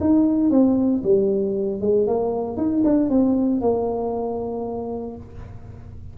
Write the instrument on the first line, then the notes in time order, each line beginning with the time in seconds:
tuba
0.00 D#4
0.50 C4
1.03 G3
1.81 G#3
2.07 A#3
2.57 D#4
2.84 D4
3.09 C4
3.61 A#3